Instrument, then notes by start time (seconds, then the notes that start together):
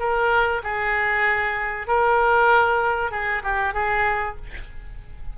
oboe
0.00 A#4
0.64 G#4
1.88 A#4
3.12 G#4
3.44 G4
3.74 G#4